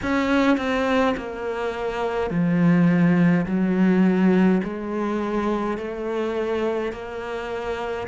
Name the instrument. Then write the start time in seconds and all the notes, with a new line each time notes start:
cello
0.02 C#4
0.57 C4
1.16 A#3
2.30 F3
3.46 F#3
4.63 G#3
5.77 A3
6.92 A#3